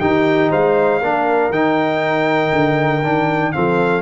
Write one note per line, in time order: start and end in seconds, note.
0.00 0.51 D#3
0.00 1.01 D#4
0.00 0.50 G4
0.00 0.50 G5
0.50 1.02 G#3
0.50 1.01 C5
0.50 1.52 F5
1.01 1.50 A#3
1.01 1.52 D4
1.01 3.53 A#4
1.50 2.51 D#3
1.50 3.03 D#4
1.50 3.52 G5
2.52 3.02 D3
3.02 3.52 D#3
3.02 3.53 D4
3.52 4.02 F3
3.52 4.02 C4
3.52 4.02 A4
3.52 4.02 F5